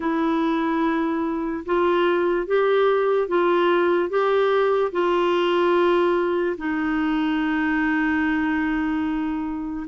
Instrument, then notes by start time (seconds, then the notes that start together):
clarinet
0.00 E4
1.65 F4
2.47 G4
3.28 F4
4.09 G4
4.92 F4
6.58 D#4